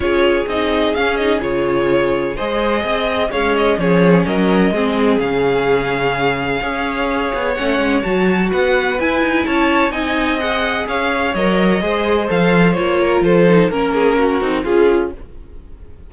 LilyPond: <<
  \new Staff \with { instrumentName = "violin" } { \time 4/4 \tempo 4 = 127 cis''4 dis''4 f''8 dis''8 cis''4~ | cis''4 dis''2 f''8 dis''8 | cis''4 dis''2 f''4~ | f''1 |
fis''4 a''4 fis''4 gis''4 | a''4 gis''4 fis''4 f''4 | dis''2 f''4 cis''4 | c''4 ais'2 gis'4 | }
  \new Staff \with { instrumentName = "violin" } { \time 4/4 gis'1~ | gis'4 c''4 dis''4 cis''4 | gis'4 ais'4 gis'2~ | gis'2 cis''2~ |
cis''2 b'2 | cis''4 dis''2 cis''4~ | cis''4 c''2~ c''8 ais'8 | a'4 ais'8 gis'8 fis'4 f'4 | }
  \new Staff \with { instrumentName = "viola" } { \time 4/4 f'4 dis'4 cis'8 dis'8 f'4~ | f'4 gis'2 gis4 | cis'2 c'4 cis'4~ | cis'2 gis'2 |
cis'4 fis'2 e'4~ | e'4 dis'4 gis'2 | ais'4 gis'4 a'4 f'4~ | f'8 dis'8 cis'4. dis'8 f'4 | }
  \new Staff \with { instrumentName = "cello" } { \time 4/4 cis'4 c'4 cis'4 cis4~ | cis4 gis4 c'4 cis'4 | f4 fis4 gis4 cis4~ | cis2 cis'4. b8 |
a8 gis8 fis4 b4 e'8 dis'8 | cis'4 c'2 cis'4 | fis4 gis4 f4 ais4 | f4 ais4. c'8 cis'4 | }
>>